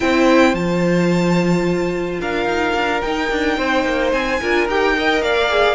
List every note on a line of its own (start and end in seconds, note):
0.00 0.54 C4
0.00 0.54 E4
0.00 2.21 C5
0.00 0.54 G5
0.54 2.19 F3
0.54 3.01 F4
0.54 2.19 A5
2.20 2.45 D4
2.20 3.57 A#4
2.20 3.01 F5
2.45 2.73 D#4
2.74 3.01 D4
3.01 4.40 D#4
3.01 3.31 D#4
3.01 4.11 G5
3.31 3.57 D4
3.57 3.84 C4
3.57 4.40 C5
3.84 4.12 A#3
4.12 4.39 C4
4.12 4.67 G#5
4.41 4.67 D4
4.41 4.68 F4
4.41 4.96 A#4
4.67 5.21 D#4
4.67 4.95 G4
4.67 5.22 G5
4.95 5.49 A#4
4.95 5.23 D#5
5.21 5.75 A#3
5.21 5.75 D5
5.21 5.75 F5
5.49 5.75 G#4